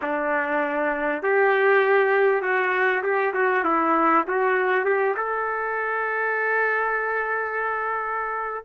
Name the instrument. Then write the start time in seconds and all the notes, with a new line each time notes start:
trumpet
0.02 D4
1.22 G4
2.41 F#4
3.02 G4
3.33 F#4
3.64 E4
4.27 F#4
4.85 G4
5.17 A4